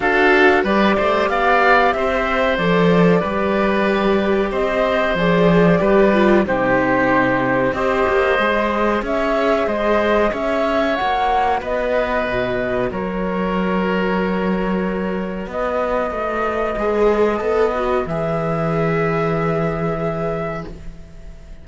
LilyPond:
<<
  \new Staff \with { instrumentName = "flute" } { \time 4/4 \tempo 4 = 93 f''4 d''4 f''4 e''4 | d''2. dis''4 | d''2 c''2 | dis''2 e''4 dis''4 |
e''4 fis''4 dis''2 | cis''1 | dis''1 | e''1 | }
  \new Staff \with { instrumentName = "oboe" } { \time 4/4 a'4 b'8 c''8 d''4 c''4~ | c''4 b'2 c''4~ | c''4 b'4 g'2 | c''2 cis''4 c''4 |
cis''2 b'2 | ais'1 | b'1~ | b'1 | }
  \new Staff \with { instrumentName = "viola" } { \time 4/4 fis'4 g'2. | a'4 g'2. | gis'4 g'8 f'8 dis'2 | g'4 gis'2.~ |
gis'4 fis'2.~ | fis'1~ | fis'2 gis'4 a'8 fis'8 | gis'1 | }
  \new Staff \with { instrumentName = "cello" } { \time 4/4 d'4 g8 a8 b4 c'4 | f4 g2 c'4 | f4 g4 c2 | c'8 ais8 gis4 cis'4 gis4 |
cis'4 ais4 b4 b,4 | fis1 | b4 a4 gis4 b4 | e1 | }
>>